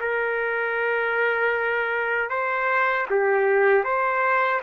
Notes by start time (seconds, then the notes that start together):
0.00 A#4
2.30 C5
3.10 G4
3.84 C5